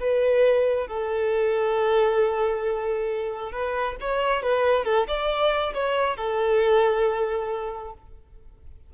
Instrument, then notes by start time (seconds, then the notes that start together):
violin
0.00 B4
0.88 A4
3.52 B4
4.01 C#5
4.43 B4
4.85 A4
5.07 D5
5.74 C#5
6.17 A4